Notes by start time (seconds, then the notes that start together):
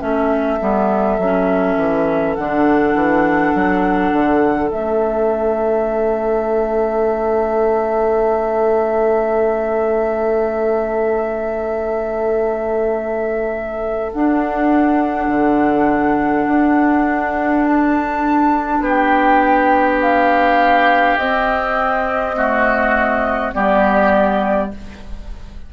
0.00 A3 C#4 A4 E5
0.61 G3 B3
1.19 F#3 C#4
1.77 E3
2.36 D3 D4 F#5
2.95 E3
3.55 F#3
4.12 D3
4.72 A3 C#4 E5
14.13 D4 F#5
15.29 D3
16.48 D4
17.66 A5
18.80 B3 G4
18.89 G5
20.02 F5
21.18 C4 D#5
22.36 A3 F#4
23.54 G3 B3 G4 D5